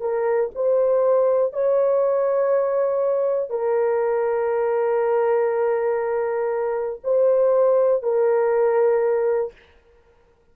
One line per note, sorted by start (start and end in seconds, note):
0.00 0.50 A#4
0.55 1.53 C5
1.53 3.50 C#5
3.50 7.00 A#4
7.03 8.02 C5
8.02 9.52 A#4